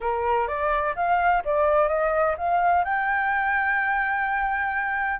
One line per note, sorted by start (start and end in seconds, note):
0.00 0.47 A#4
0.47 0.94 D5
0.95 1.42 F5
1.45 1.88 D5
1.88 2.35 D#5
2.37 2.84 F5
2.84 5.19 G5